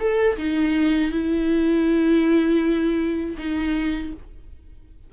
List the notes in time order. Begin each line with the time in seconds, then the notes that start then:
0.00 A4
0.38 D#4
1.12 E4
3.38 D#4